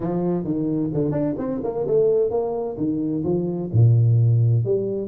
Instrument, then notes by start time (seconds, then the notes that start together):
tuba
0.00 F3
0.44 D#3
0.93 D3
1.11 D4
1.38 C4
1.63 A#3
1.87 A3
2.30 A#3
2.77 D#3
3.23 F3
3.72 A#2
4.64 G3